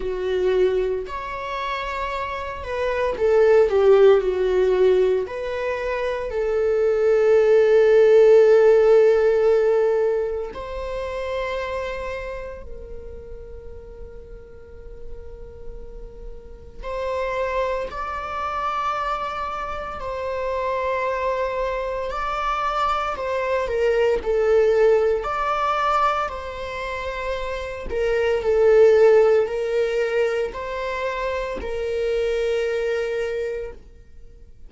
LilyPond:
\new Staff \with { instrumentName = "viola" } { \time 4/4 \tempo 4 = 57 fis'4 cis''4. b'8 a'8 g'8 | fis'4 b'4 a'2~ | a'2 c''2 | ais'1 |
c''4 d''2 c''4~ | c''4 d''4 c''8 ais'8 a'4 | d''4 c''4. ais'8 a'4 | ais'4 c''4 ais'2 | }